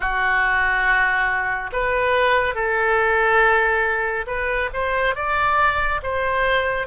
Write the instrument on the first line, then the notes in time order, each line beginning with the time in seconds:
oboe
0.00 F#4
1.72 B4
2.54 A4
4.26 B4
4.73 C5
5.15 D5
6.02 C5